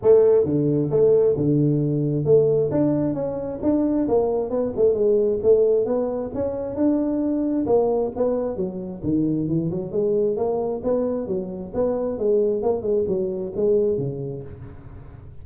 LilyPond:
\new Staff \with { instrumentName = "tuba" } { \time 4/4 \tempo 4 = 133 a4 d4 a4 d4~ | d4 a4 d'4 cis'4 | d'4 ais4 b8 a8 gis4 | a4 b4 cis'4 d'4~ |
d'4 ais4 b4 fis4 | dis4 e8 fis8 gis4 ais4 | b4 fis4 b4 gis4 | ais8 gis8 fis4 gis4 cis4 | }